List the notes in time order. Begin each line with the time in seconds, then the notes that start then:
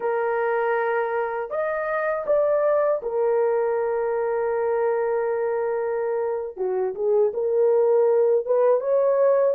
0.00 A#4
1.50 D#5
2.26 D5
3.02 A#4
6.56 F#4
6.94 G#4
7.33 A#4
8.45 B4
8.80 C#5